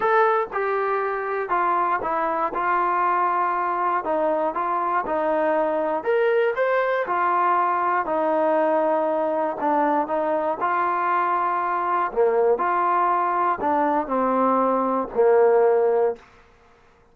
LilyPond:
\new Staff \with { instrumentName = "trombone" } { \time 4/4 \tempo 4 = 119 a'4 g'2 f'4 | e'4 f'2. | dis'4 f'4 dis'2 | ais'4 c''4 f'2 |
dis'2. d'4 | dis'4 f'2. | ais4 f'2 d'4 | c'2 ais2 | }